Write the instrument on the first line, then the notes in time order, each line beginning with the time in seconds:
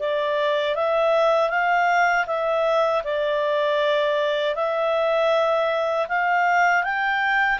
clarinet
0.00 D5
0.76 E5
1.50 F5
2.28 E5
3.04 D5
4.56 E5
6.09 F5
6.84 G5